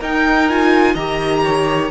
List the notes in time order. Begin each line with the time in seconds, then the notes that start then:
0.00 D#4 A#4 G5
0.50 F4 G#5
0.94 D#3 G4 D#5 A#5
1.44 C#5